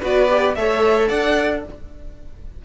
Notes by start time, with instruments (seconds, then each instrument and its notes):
0.00 cello B3, viola F#4, violin B4 D5
0.29 viola G4
0.55 cello A3, viola A4, violin C#5 E5
1.08 cello D4, violin D5 F#5